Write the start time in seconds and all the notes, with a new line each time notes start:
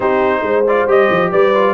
0.00 C4 D#4 G4 C5
0.42 G#3 C5
0.67 F4 D5
0.86 G3 G4 D#5
1.10 F3
1.31 G3 B4 D5
1.54 F4